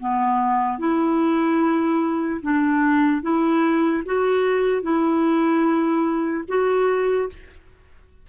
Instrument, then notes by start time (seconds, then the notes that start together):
clarinet
0.00 B3
0.79 E4
2.43 D4
3.22 E4
4.06 F#4
4.83 E4
6.49 F#4